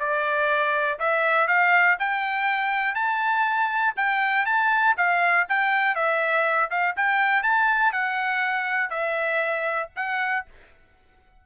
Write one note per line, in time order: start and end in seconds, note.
0.00 0.99 D5
0.99 1.48 E5
1.48 1.97 F5
2.00 2.95 G5
2.95 3.94 A5
3.97 4.46 G5
4.46 4.95 A5
4.97 5.47 F5
5.49 5.95 G5
5.95 6.70 E5
6.71 6.96 F5
6.97 7.43 G5
7.43 7.92 A5
7.92 8.90 F#5
8.90 9.89 E5
9.96 10.46 F#5